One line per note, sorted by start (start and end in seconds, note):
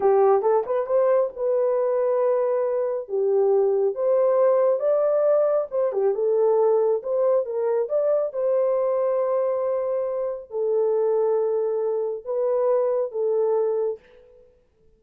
0.00 0.41 G4
0.41 0.63 A4
0.65 0.86 B4
0.86 1.30 C5
1.35 3.08 B4
3.08 3.94 G4
3.94 4.79 C5
4.79 5.67 D5
5.71 5.92 C5
5.92 6.14 G4
6.14 7.02 A4
7.02 7.45 C5
7.45 7.88 A#4
7.88 8.32 D5
8.33 10.50 C5
10.50 12.24 A4
12.24 13.11 B4
13.11 13.99 A4